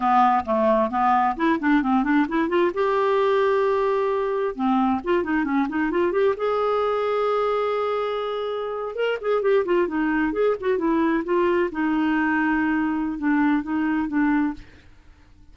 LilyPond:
\new Staff \with { instrumentName = "clarinet" } { \time 4/4 \tempo 4 = 132 b4 a4 b4 e'8 d'8 | c'8 d'8 e'8 f'8 g'2~ | g'2 c'4 f'8 dis'8 | cis'8 dis'8 f'8 g'8 gis'2~ |
gis'2.~ gis'8. ais'16~ | ais'16 gis'8 g'8 f'8 dis'4 gis'8 fis'8 e'16~ | e'8. f'4 dis'2~ dis'16~ | dis'4 d'4 dis'4 d'4 | }